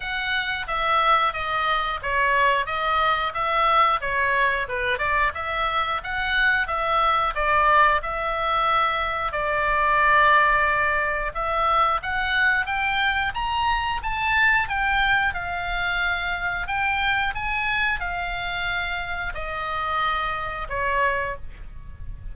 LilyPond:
\new Staff \with { instrumentName = "oboe" } { \time 4/4 \tempo 4 = 90 fis''4 e''4 dis''4 cis''4 | dis''4 e''4 cis''4 b'8 d''8 | e''4 fis''4 e''4 d''4 | e''2 d''2~ |
d''4 e''4 fis''4 g''4 | ais''4 a''4 g''4 f''4~ | f''4 g''4 gis''4 f''4~ | f''4 dis''2 cis''4 | }